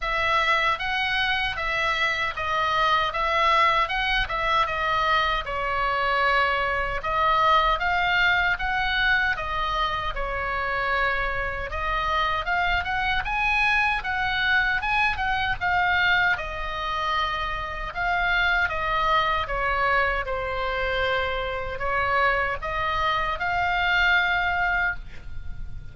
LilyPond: \new Staff \with { instrumentName = "oboe" } { \time 4/4 \tempo 4 = 77 e''4 fis''4 e''4 dis''4 | e''4 fis''8 e''8 dis''4 cis''4~ | cis''4 dis''4 f''4 fis''4 | dis''4 cis''2 dis''4 |
f''8 fis''8 gis''4 fis''4 gis''8 fis''8 | f''4 dis''2 f''4 | dis''4 cis''4 c''2 | cis''4 dis''4 f''2 | }